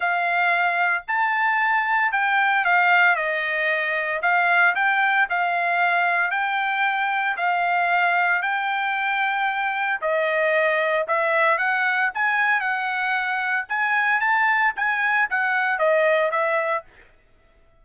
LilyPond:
\new Staff \with { instrumentName = "trumpet" } { \time 4/4 \tempo 4 = 114 f''2 a''2 | g''4 f''4 dis''2 | f''4 g''4 f''2 | g''2 f''2 |
g''2. dis''4~ | dis''4 e''4 fis''4 gis''4 | fis''2 gis''4 a''4 | gis''4 fis''4 dis''4 e''4 | }